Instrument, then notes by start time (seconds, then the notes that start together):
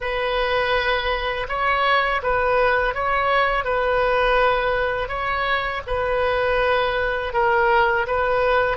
oboe
0.00 B4
1.48 C#5
2.22 B4
2.94 C#5
3.64 B4
5.08 C#5
5.86 B4
7.33 A#4
8.07 B4